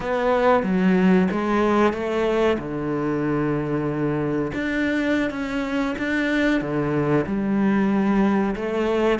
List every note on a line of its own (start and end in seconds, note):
0.00 0.63 B3
0.63 1.27 F#3
1.31 1.93 G#3
1.93 2.57 A3
2.58 4.52 D3
4.54 5.30 D4
5.30 5.95 C#4
5.98 6.61 D4
6.61 7.25 D3
7.26 8.55 G3
8.55 9.19 A3